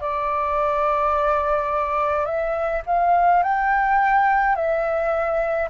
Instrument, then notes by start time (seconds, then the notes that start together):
flute
0.00 D5
2.25 E5
2.86 F5
3.43 G5
4.55 E5